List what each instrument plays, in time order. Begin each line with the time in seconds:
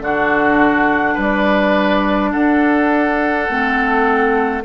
0.00 bassoon D3, clarinet D4, oboe F#4, flute F#5
1.14 bassoon G3, oboe B4, flute D5
2.31 bassoon D4, oboe A4, flute F#5
3.48 bassoon A3, clarinet C4